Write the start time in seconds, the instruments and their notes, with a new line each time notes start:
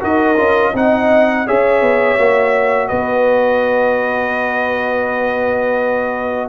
0.00 tuba D#4, trombone F#4, horn A#4, trumpet D#5
0.37 tuba C#4, trombone F4
0.74 tuba C4, trombone D#4, horn D#5, trumpet F#5
1.46 tuba C#4, trombone G#4, horn C#5, trumpet E5
1.81 tuba B3
2.19 tuba A#3, trombone F#4
2.88 tuba B3, horn B4, trumpet D#5